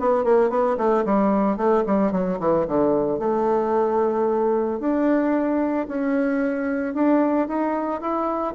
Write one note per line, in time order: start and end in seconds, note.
0.00 0.24 B3
0.24 0.50 A#3
0.50 0.77 B3
0.78 1.04 A3
1.05 1.58 G3
1.58 1.84 A3
1.87 2.12 G3
2.12 2.39 F#3
2.40 2.67 E3
2.68 3.19 D3
3.19 4.80 A3
4.80 5.87 D4
5.88 6.95 C#4
6.95 7.48 D4
7.48 8.01 D#4
8.01 8.55 E4